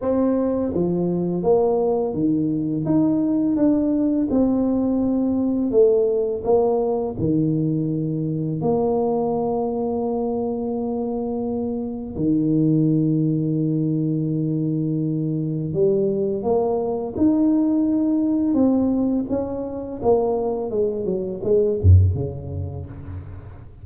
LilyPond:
\new Staff \with { instrumentName = "tuba" } { \time 4/4 \tempo 4 = 84 c'4 f4 ais4 dis4 | dis'4 d'4 c'2 | a4 ais4 dis2 | ais1~ |
ais4 dis2.~ | dis2 g4 ais4 | dis'2 c'4 cis'4 | ais4 gis8 fis8 gis8 fis,8 cis4 | }